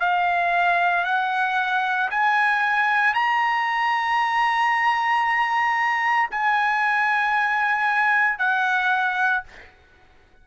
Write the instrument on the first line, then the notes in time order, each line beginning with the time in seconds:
trumpet
0.00 F5
1.05 F#5
2.11 G#5
3.14 A#5
6.31 G#5
8.39 F#5